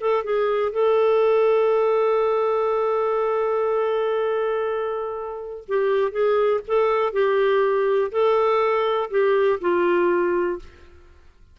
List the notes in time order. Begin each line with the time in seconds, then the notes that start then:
0.00 A4
0.24 G#4
0.72 A4
5.67 G4
6.11 G#4
6.67 A4
7.12 G4
8.11 A4
9.10 G4
9.60 F4